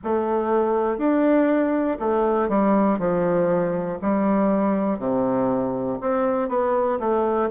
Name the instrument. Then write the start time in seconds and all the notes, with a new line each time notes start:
bassoon
0.03 A3
0.98 D4
2.00 A3
2.49 G3
2.98 F3
4.01 G3
4.98 C3
6.00 C4
6.48 B3
7.00 A3